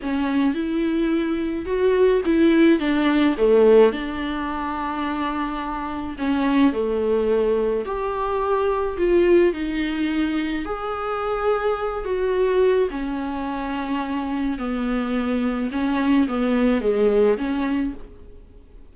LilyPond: \new Staff \with { instrumentName = "viola" } { \time 4/4 \tempo 4 = 107 cis'4 e'2 fis'4 | e'4 d'4 a4 d'4~ | d'2. cis'4 | a2 g'2 |
f'4 dis'2 gis'4~ | gis'4. fis'4. cis'4~ | cis'2 b2 | cis'4 b4 gis4 cis'4 | }